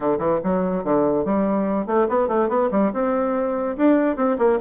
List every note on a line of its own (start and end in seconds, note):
0.00 0.18 D3
0.18 0.39 E3
0.43 0.84 F#3
0.84 1.24 D3
1.24 1.86 G3
1.86 2.07 A3
2.08 2.28 B3
2.28 2.48 A3
2.48 2.69 B3
2.71 2.92 G3
2.93 3.76 C4
3.77 4.16 D4
4.16 4.37 C4
4.38 4.59 A#3